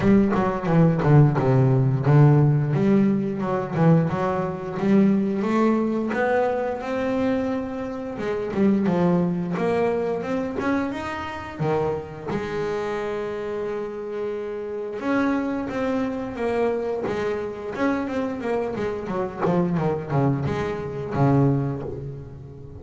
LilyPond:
\new Staff \with { instrumentName = "double bass" } { \time 4/4 \tempo 4 = 88 g8 fis8 e8 d8 c4 d4 | g4 fis8 e8 fis4 g4 | a4 b4 c'2 | gis8 g8 f4 ais4 c'8 cis'8 |
dis'4 dis4 gis2~ | gis2 cis'4 c'4 | ais4 gis4 cis'8 c'8 ais8 gis8 | fis8 f8 dis8 cis8 gis4 cis4 | }